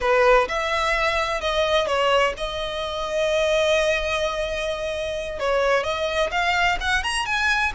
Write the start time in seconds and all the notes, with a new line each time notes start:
0.01 B4
0.48 E5
1.40 D#5
1.86 C#5
2.37 D#5
5.39 C#5
5.83 D#5
6.31 F5
6.80 F#5
7.03 A#5
7.25 G#5